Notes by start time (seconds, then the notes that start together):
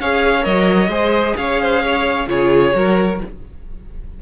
0.00 C#4 G#4 C#5 F5
0.42 F#3 A#4 D#5
0.88 G#3 G#4 C5
1.37 C#4 C#5 F5
1.62 C5
1.83 C#5
2.28 C#3 F4 G#4 C#5
2.75 F#3 F#4 A#4